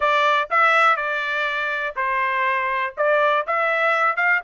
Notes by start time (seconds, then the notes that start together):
0.00 D5
0.50 E5
0.96 D5
1.96 C5
2.97 D5
3.46 E5
4.16 F5